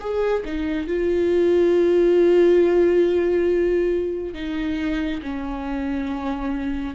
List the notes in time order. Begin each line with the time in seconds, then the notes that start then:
0.00 G#4
0.45 D#4
0.87 F4
4.34 D#4
5.23 C#4